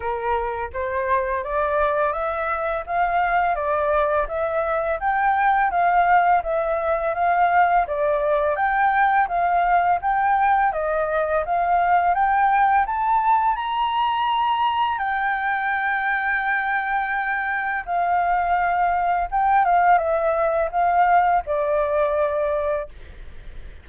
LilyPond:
\new Staff \with { instrumentName = "flute" } { \time 4/4 \tempo 4 = 84 ais'4 c''4 d''4 e''4 | f''4 d''4 e''4 g''4 | f''4 e''4 f''4 d''4 | g''4 f''4 g''4 dis''4 |
f''4 g''4 a''4 ais''4~ | ais''4 g''2.~ | g''4 f''2 g''8 f''8 | e''4 f''4 d''2 | }